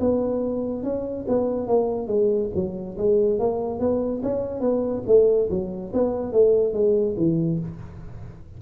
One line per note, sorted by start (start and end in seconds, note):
0.00 0.83 B3
0.83 1.25 C#4
1.28 1.67 B3
1.67 2.07 A#3
2.07 2.49 G#3
2.55 2.97 F#3
2.97 3.39 G#3
3.39 3.80 A#3
3.80 4.22 B3
4.23 4.61 C#4
4.61 5.03 B3
5.07 5.49 A3
5.50 5.92 F#3
5.93 6.32 B3
6.32 6.73 A3
6.73 7.15 G#3
7.17 7.59 E3